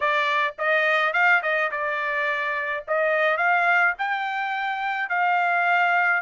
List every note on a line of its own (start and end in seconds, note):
0.00 0.55 D5
0.58 1.13 D#5
1.13 1.41 F5
1.42 1.70 D#5
1.71 2.84 D5
2.87 3.37 D#5
3.37 3.93 F5
3.98 5.09 G5
5.09 6.22 F5